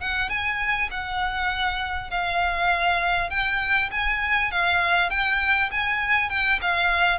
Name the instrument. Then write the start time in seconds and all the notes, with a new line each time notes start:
violin
0.00 F#5
0.29 G#5
0.91 F#5
2.10 F5
3.30 G5
3.91 G#5
4.51 F5
5.10 G5
5.71 G#5
6.29 G5
6.61 F5